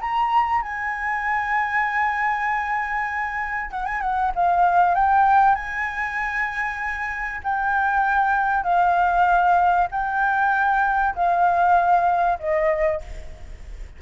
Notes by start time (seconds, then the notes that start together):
0.00 A#5
0.62 G#5
3.70 F#5
3.85 G#5
4.01 F#5
4.35 F5
4.95 G5
5.55 G#5
7.43 G5
8.63 F5
9.91 G5
11.15 F5
12.39 D#5